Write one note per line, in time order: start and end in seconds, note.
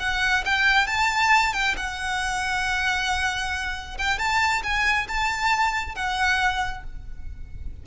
0.00 0.44 F#5
0.46 0.87 G5
0.87 1.53 A5
1.53 1.75 G5
1.77 3.98 F#5
3.98 4.19 G5
4.19 4.63 A5
4.63 5.08 G#5
5.08 5.95 A5
5.95 6.84 F#5